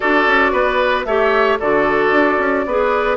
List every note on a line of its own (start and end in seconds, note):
0.00 0.27 D4
0.00 1.06 F#4
0.00 0.52 A4
0.00 1.03 D5
0.27 0.52 C#4
0.52 1.05 B3
0.52 1.05 B4
1.05 1.58 A3
1.05 1.60 G4
1.05 1.59 C#5
1.05 1.58 E5
1.59 2.11 D3
1.59 2.66 F#4
1.59 2.65 A4
1.59 3.16 D5
2.11 2.37 D4
2.38 2.64 C#4
2.66 3.16 B3
2.66 3.16 G#4
2.66 3.16 B4